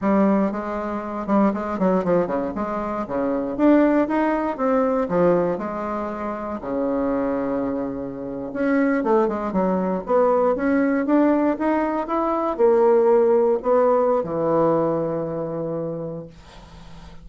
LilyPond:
\new Staff \with { instrumentName = "bassoon" } { \time 4/4 \tempo 4 = 118 g4 gis4. g8 gis8 fis8 | f8 cis8 gis4 cis4 d'4 | dis'4 c'4 f4 gis4~ | gis4 cis2.~ |
cis8. cis'4 a8 gis8 fis4 b16~ | b8. cis'4 d'4 dis'4 e'16~ | e'8. ais2 b4~ b16 | e1 | }